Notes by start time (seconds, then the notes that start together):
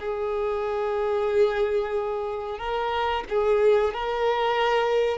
0.00 G#4
2.59 A#4
3.29 G#4
3.94 A#4